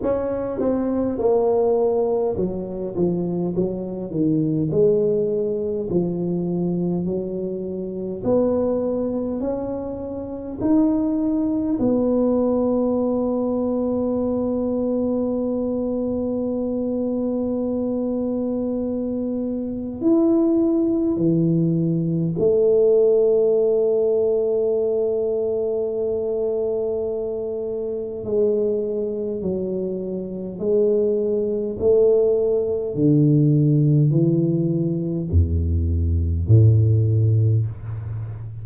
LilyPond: \new Staff \with { instrumentName = "tuba" } { \time 4/4 \tempo 4 = 51 cis'8 c'8 ais4 fis8 f8 fis8 dis8 | gis4 f4 fis4 b4 | cis'4 dis'4 b2~ | b1~ |
b4 e'4 e4 a4~ | a1 | gis4 fis4 gis4 a4 | d4 e4 e,4 a,4 | }